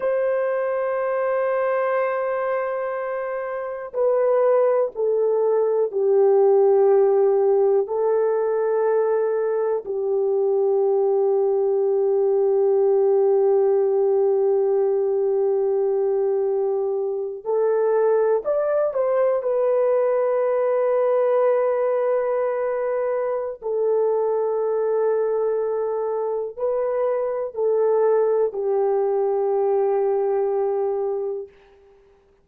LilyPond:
\new Staff \with { instrumentName = "horn" } { \time 4/4 \tempo 4 = 61 c''1 | b'4 a'4 g'2 | a'2 g'2~ | g'1~ |
g'4.~ g'16 a'4 d''8 c''8 b'16~ | b'1 | a'2. b'4 | a'4 g'2. | }